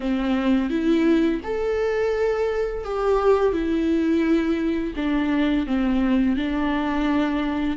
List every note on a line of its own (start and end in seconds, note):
0.00 0.70 C4
0.70 1.40 E4
1.43 2.84 A4
2.84 3.52 G4
3.52 4.93 E4
4.96 5.66 D4
5.66 6.36 C4
6.36 7.76 D4